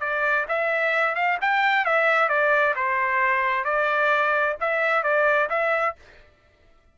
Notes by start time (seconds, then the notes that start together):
0.00 D5
0.48 E5
1.15 F5
1.41 G5
1.85 E5
2.28 D5
2.75 C5
3.64 D5
4.60 E5
5.03 D5
5.50 E5